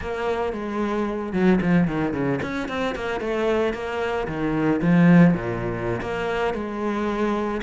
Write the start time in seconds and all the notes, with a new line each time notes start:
0.01 A#3
0.52 G#3
1.32 F#3
1.61 F3
1.87 D#3
2.13 C#3
2.42 C#4
2.68 C4
2.95 A#3
3.20 A3
3.73 A#3
4.27 D#3
4.81 F3
5.33 A#2
6.01 A#3
6.54 G#3